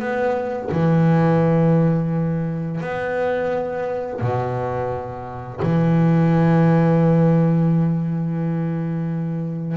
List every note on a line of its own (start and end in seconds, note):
0.00 0.70 B3
0.72 2.81 E3
2.81 4.21 B3
4.21 5.61 B2
5.62 9.77 E3